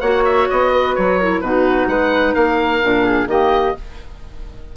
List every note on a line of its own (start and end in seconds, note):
0.00 0.48 A#3
0.00 1.20 F#4
0.00 0.71 C#5
0.00 0.23 F#5
0.25 0.48 E5
0.50 0.98 B3
0.50 0.95 D#5
0.73 1.19 B4
0.95 1.41 F#3
0.95 1.41 C#5
1.19 1.44 E4
1.19 1.42 A#4
1.41 1.87 B2
1.41 2.82 D#4
1.41 1.89 F#4
1.41 1.88 B4
1.87 2.34 G#3
1.87 2.35 B4
1.87 2.34 F#5
2.34 2.83 A#3
2.34 3.04 A#4
2.34 3.28 F5
2.82 3.27 A#2
2.82 3.29 D4
3.04 3.28 G#4
3.27 3.74 D#3
3.27 3.75 A#3
3.27 3.77 G4
3.27 3.76 D#5